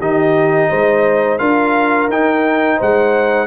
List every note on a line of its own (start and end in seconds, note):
0.00 0.70 D#3
0.00 1.39 D#4
0.00 0.70 G4
0.00 1.39 D#5
0.70 1.40 G#3
0.70 1.39 C5
1.39 2.09 D4
1.39 2.09 F4
1.39 2.77 A#4
1.39 2.08 F5
2.09 2.78 D#4
2.09 3.48 D#4
2.09 2.81 G5
2.77 3.48 G#3
2.77 3.47 C5
2.77 3.48 F#5